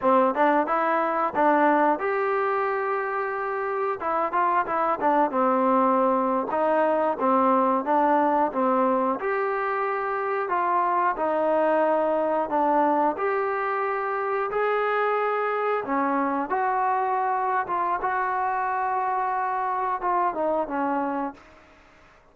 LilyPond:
\new Staff \with { instrumentName = "trombone" } { \time 4/4 \tempo 4 = 90 c'8 d'8 e'4 d'4 g'4~ | g'2 e'8 f'8 e'8 d'8 | c'4.~ c'16 dis'4 c'4 d'16~ | d'8. c'4 g'2 f'16~ |
f'8. dis'2 d'4 g'16~ | g'4.~ g'16 gis'2 cis'16~ | cis'8. fis'4.~ fis'16 f'8 fis'4~ | fis'2 f'8 dis'8 cis'4 | }